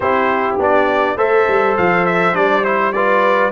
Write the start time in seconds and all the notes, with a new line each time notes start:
0.00 C4 E4 G4 C5
0.58 B3 D4 D5
1.16 A3 A4 C5 E5
1.47 G3
1.77 F3 F5
2.05 E5
2.33 G3 D4 D5
2.64 E4 C5
2.92 F4 B4 D5